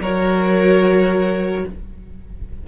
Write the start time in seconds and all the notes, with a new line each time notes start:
0.00 F#3 F#4 A#4 C#5